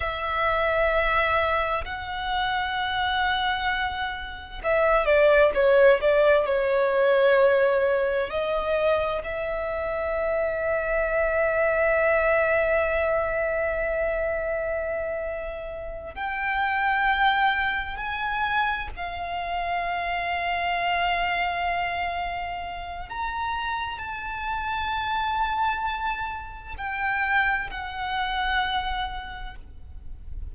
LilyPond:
\new Staff \with { instrumentName = "violin" } { \time 4/4 \tempo 4 = 65 e''2 fis''2~ | fis''4 e''8 d''8 cis''8 d''8 cis''4~ | cis''4 dis''4 e''2~ | e''1~ |
e''4. g''2 gis''8~ | gis''8 f''2.~ f''8~ | f''4 ais''4 a''2~ | a''4 g''4 fis''2 | }